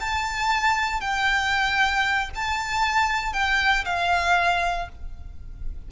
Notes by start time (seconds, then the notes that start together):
0.00 A5
1.00 G5
2.35 A5
3.33 G5
3.85 F5